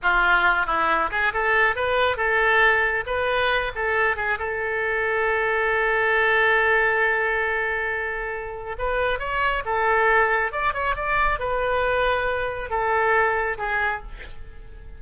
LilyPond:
\new Staff \with { instrumentName = "oboe" } { \time 4/4 \tempo 4 = 137 f'4. e'4 gis'8 a'4 | b'4 a'2 b'4~ | b'8 a'4 gis'8 a'2~ | a'1~ |
a'1 | b'4 cis''4 a'2 | d''8 cis''8 d''4 b'2~ | b'4 a'2 gis'4 | }